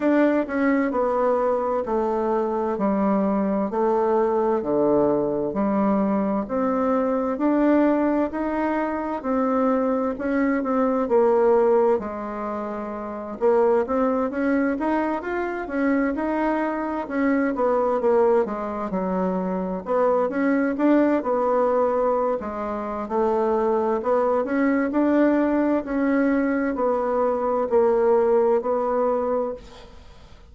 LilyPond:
\new Staff \with { instrumentName = "bassoon" } { \time 4/4 \tempo 4 = 65 d'8 cis'8 b4 a4 g4 | a4 d4 g4 c'4 | d'4 dis'4 c'4 cis'8 c'8 | ais4 gis4. ais8 c'8 cis'8 |
dis'8 f'8 cis'8 dis'4 cis'8 b8 ais8 | gis8 fis4 b8 cis'8 d'8 b4~ | b16 gis8. a4 b8 cis'8 d'4 | cis'4 b4 ais4 b4 | }